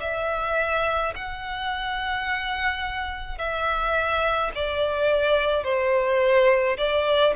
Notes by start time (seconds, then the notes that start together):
0.00 E5
1.15 F#5
3.38 E5
4.54 D5
5.63 C5
6.77 D5